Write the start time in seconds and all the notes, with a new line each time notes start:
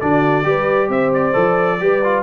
0.00 D3 D4 F#4 D5
0.44 G3 G4 B4
0.87 C4 C5 E5
1.13 D5
1.33 F3 A4
1.80 G3 G4 B4
2.03 F4